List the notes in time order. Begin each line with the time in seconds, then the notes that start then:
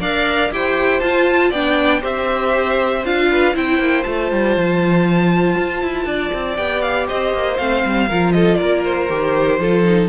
0.00 D4 A#4 D5 F5
0.51 E4 G4 C5 G5
1.00 F4 A5
1.50 B3 D4 D5 G5
2.00 C4 G4 C5 E5
3.04 D4 F4 F5
3.30 B4
3.54 C4 E4 C5 G5
3.79 A#3
4.03 A3 F4 A5
4.31 G3
4.56 F3
5.58 F4
5.82 E4
6.05 D4 D5
6.33 C4
6.56 B3 G4 G5
6.81 F5
7.07 C4 C5 D#5
7.33 A#3
7.57 A3 C4 F5
7.85 G3
8.08 F3 F4 A#4
8.32 A4 D#5
8.56 A#3 A#4 D5
8.84 C5
9.09 D#3 G4
9.59 F3 F4 A4
9.84 D#4